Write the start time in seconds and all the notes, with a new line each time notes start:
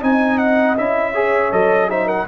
0.00 C4 D#4 D#5 G#5
0.38 F#5
0.77 C#4 E4 E5
1.13 G#4 C#5
1.52 F#3 A4 D#5
1.89 D#4 C5 E5
2.05 A#4 F#5